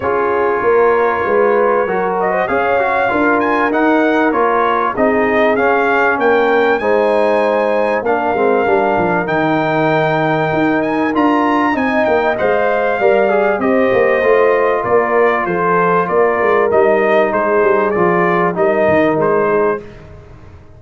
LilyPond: <<
  \new Staff \with { instrumentName = "trumpet" } { \time 4/4 \tempo 4 = 97 cis''2.~ cis''8 dis''8 | f''4. gis''8 fis''4 cis''4 | dis''4 f''4 g''4 gis''4~ | gis''4 f''2 g''4~ |
g''4. gis''8 ais''4 gis''8 g''8 | f''2 dis''2 | d''4 c''4 d''4 dis''4 | c''4 d''4 dis''4 c''4 | }
  \new Staff \with { instrumentName = "horn" } { \time 4/4 gis'4 ais'4 b'4 ais'8. c''16 | cis''4 ais'2. | gis'2 ais'4 c''4~ | c''4 ais'2.~ |
ais'2. dis''4~ | dis''4 d''4 c''2 | ais'4 a'4 ais'2 | gis'2 ais'4. gis'8 | }
  \new Staff \with { instrumentName = "trombone" } { \time 4/4 f'2. fis'4 | gis'8 fis'8 f'4 dis'4 f'4 | dis'4 cis'2 dis'4~ | dis'4 d'8 c'8 d'4 dis'4~ |
dis'2 f'4 dis'4 | c''4 ais'8 gis'8 g'4 f'4~ | f'2. dis'4~ | dis'4 f'4 dis'2 | }
  \new Staff \with { instrumentName = "tuba" } { \time 4/4 cis'4 ais4 gis4 fis4 | cis'4 d'4 dis'4 ais4 | c'4 cis'4 ais4 gis4~ | gis4 ais8 gis8 g8 f8 dis4~ |
dis4 dis'4 d'4 c'8 ais8 | gis4 g4 c'8 ais8 a4 | ais4 f4 ais8 gis8 g4 | gis8 g8 f4 g8 dis8 gis4 | }
>>